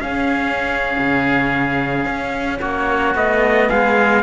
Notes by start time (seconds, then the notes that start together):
0.00 C#4 G#4 F5
0.98 C#3
2.05 C#4
2.59 A#3 F#4 C#5
3.14 A3 B3 D#5
3.68 G#3 G#4 F5